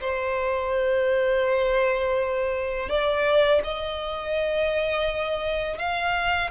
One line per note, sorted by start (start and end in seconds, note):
0.00 2.88 C5
2.88 3.61 D5
3.63 5.78 D#5
5.78 6.50 F5